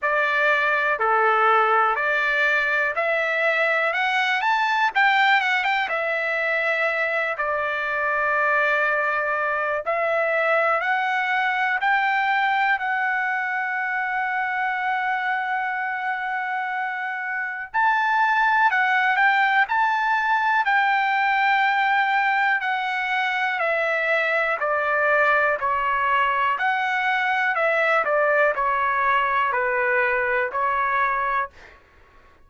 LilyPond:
\new Staff \with { instrumentName = "trumpet" } { \time 4/4 \tempo 4 = 61 d''4 a'4 d''4 e''4 | fis''8 a''8 g''8 fis''16 g''16 e''4. d''8~ | d''2 e''4 fis''4 | g''4 fis''2.~ |
fis''2 a''4 fis''8 g''8 | a''4 g''2 fis''4 | e''4 d''4 cis''4 fis''4 | e''8 d''8 cis''4 b'4 cis''4 | }